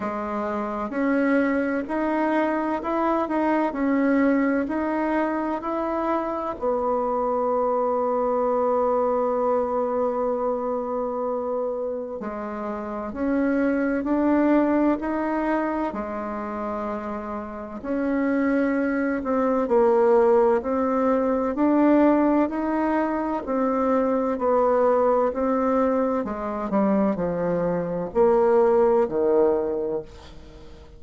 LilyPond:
\new Staff \with { instrumentName = "bassoon" } { \time 4/4 \tempo 4 = 64 gis4 cis'4 dis'4 e'8 dis'8 | cis'4 dis'4 e'4 b4~ | b1~ | b4 gis4 cis'4 d'4 |
dis'4 gis2 cis'4~ | cis'8 c'8 ais4 c'4 d'4 | dis'4 c'4 b4 c'4 | gis8 g8 f4 ais4 dis4 | }